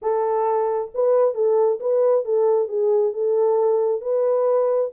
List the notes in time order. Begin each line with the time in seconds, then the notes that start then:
0.02 A4
0.94 B4
1.34 A4
1.80 B4
2.24 A4
2.68 G#4
3.13 A4
4.01 B4